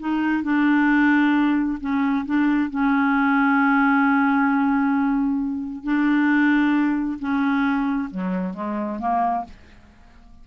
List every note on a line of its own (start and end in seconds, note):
0.00 0.44 D#4
0.44 1.79 D4
1.81 2.26 C#4
2.26 2.71 D4
2.71 5.84 C#4
5.84 7.19 D4
7.20 8.10 C#4
8.11 8.54 F#3
8.54 9.00 G#3
9.00 9.45 A#3